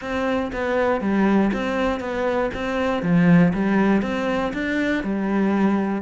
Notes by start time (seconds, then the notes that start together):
0.01 C4
0.52 B3
1.00 G3
1.53 C4
1.99 B3
2.53 C4
3.02 F3
3.53 G3
4.02 C4
4.53 D4
5.03 G3